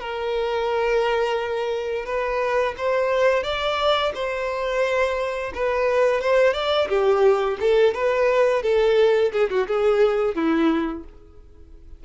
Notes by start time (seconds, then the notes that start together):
0.00 A#4
2.06 B4
2.78 C5
3.44 D5
4.15 C5
5.55 B4
6.22 C5
6.54 D5
6.89 G4
7.61 A4
7.95 B4
8.63 A4
9.33 G#4
9.50 F#4
9.68 G#4
10.35 E4